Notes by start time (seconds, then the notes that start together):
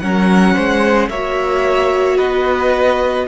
0.00 F#3 C#4 A#4 F#5
0.55 G#3 C5
1.09 A#3 F#4 C#5 E5
2.17 B3 B4 D#5